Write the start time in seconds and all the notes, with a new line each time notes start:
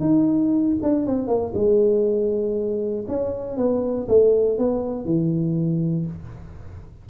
0.00 D#4
0.83 D4
1.06 C4
1.27 A#3
1.54 G#3
3.08 C#4
3.57 B3
4.08 A3
4.58 B3
5.05 E3